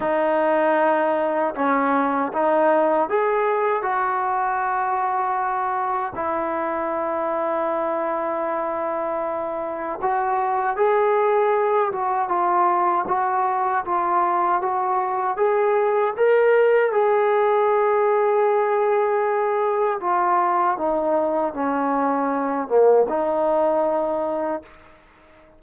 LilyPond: \new Staff \with { instrumentName = "trombone" } { \time 4/4 \tempo 4 = 78 dis'2 cis'4 dis'4 | gis'4 fis'2. | e'1~ | e'4 fis'4 gis'4. fis'8 |
f'4 fis'4 f'4 fis'4 | gis'4 ais'4 gis'2~ | gis'2 f'4 dis'4 | cis'4. ais8 dis'2 | }